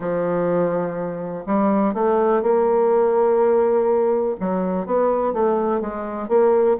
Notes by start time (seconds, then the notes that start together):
0.00 F3
1.45 G3
1.94 A3
2.42 A#3
4.40 F#3
4.86 B3
5.33 A3
5.80 G#3
6.28 A#3